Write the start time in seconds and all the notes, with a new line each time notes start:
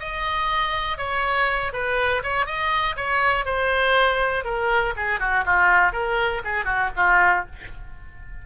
0.00 D#5
0.98 C#5
1.73 B4
2.24 C#5
2.46 D#5
2.97 C#5
3.45 C5
4.44 A#4
4.97 G#4
5.20 F#4
5.45 F4
5.93 A#4
6.44 G#4
6.65 F#4
6.96 F4